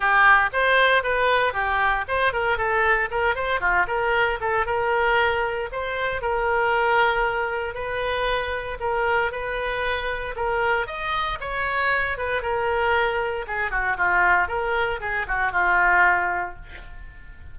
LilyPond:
\new Staff \with { instrumentName = "oboe" } { \time 4/4 \tempo 4 = 116 g'4 c''4 b'4 g'4 | c''8 ais'8 a'4 ais'8 c''8 f'8 ais'8~ | ais'8 a'8 ais'2 c''4 | ais'2. b'4~ |
b'4 ais'4 b'2 | ais'4 dis''4 cis''4. b'8 | ais'2 gis'8 fis'8 f'4 | ais'4 gis'8 fis'8 f'2 | }